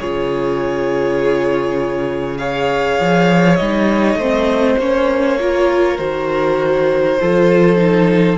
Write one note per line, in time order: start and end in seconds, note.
0.00 3.00 C#3
0.00 2.39 F4
0.00 2.40 G#4
0.00 2.38 C#5
2.38 3.58 G#4
2.38 4.19 C#5
2.38 3.56 F5
3.00 3.60 F3
3.56 4.16 G3
3.56 4.21 D#4
3.56 4.76 D#5
4.16 4.75 A3
4.16 4.81 C4
4.16 5.39 C5
4.79 5.99 A#3
4.79 5.39 C#4
4.79 5.98 C#5
5.39 5.98 F4
5.39 7.21 A#4
5.98 7.19 D#3
5.98 7.18 F#4
5.98 8.38 C5
7.21 8.38 F3
7.21 7.77 F4
7.21 8.38 A4
7.77 8.37 D#4